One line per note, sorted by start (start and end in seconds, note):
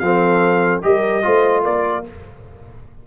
0.00 0.82 F3
0.00 0.83 C4
0.00 0.84 A4
0.00 0.81 F5
0.83 1.25 G3
0.83 1.23 G4
0.83 1.25 A#4
0.83 1.65 D#5
1.23 1.67 A3
1.23 2.04 F4
1.23 1.63 C5
1.63 2.07 A#3
1.63 2.03 A#4
1.63 2.05 D5